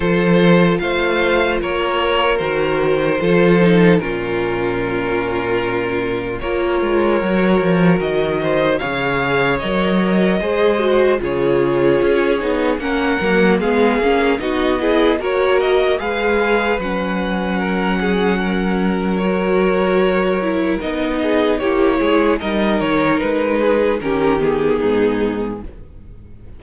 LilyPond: <<
  \new Staff \with { instrumentName = "violin" } { \time 4/4 \tempo 4 = 75 c''4 f''4 cis''4 c''4~ | c''4 ais'2. | cis''2 dis''4 f''4 | dis''2 cis''2 |
fis''4 f''4 dis''4 cis''8 dis''8 | f''4 fis''2. | cis''2 dis''4 cis''4 | dis''8 cis''8 b'4 ais'8 gis'4. | }
  \new Staff \with { instrumentName = "violin" } { \time 4/4 a'4 c''4 ais'2 | a'4 f'2. | ais'2~ ais'8 c''8 cis''4~ | cis''4 c''4 gis'2 |
ais'4 gis'4 fis'8 gis'8 ais'4 | b'2 ais'8 gis'8 ais'4~ | ais'2~ ais'8 gis'8 g'8 gis'8 | ais'4. gis'8 g'4 dis'4 | }
  \new Staff \with { instrumentName = "viola" } { \time 4/4 f'2. fis'4 | f'8 dis'8 cis'2. | f'4 fis'2 gis'4 | ais'4 gis'8 fis'8 f'4. dis'8 |
cis'8 ais8 b8 cis'8 dis'8 e'8 fis'4 | gis'4 cis'2. | fis'4. e'8 dis'4 e'4 | dis'2 cis'8 b4. | }
  \new Staff \with { instrumentName = "cello" } { \time 4/4 f4 a4 ais4 dis4 | f4 ais,2. | ais8 gis8 fis8 f8 dis4 cis4 | fis4 gis4 cis4 cis'8 b8 |
ais8 fis8 gis8 ais8 b4 ais4 | gis4 fis2.~ | fis2 b4 ais8 gis8 | g8 dis8 gis4 dis4 gis,4 | }
>>